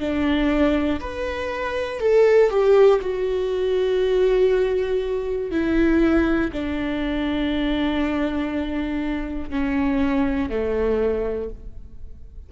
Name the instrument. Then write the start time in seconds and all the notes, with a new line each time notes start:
viola
0.00 D4
1.00 B4
2.00 A4
2.50 G4
3.01 F#4
5.51 E4
6.52 D4
9.50 C#4
10.50 A3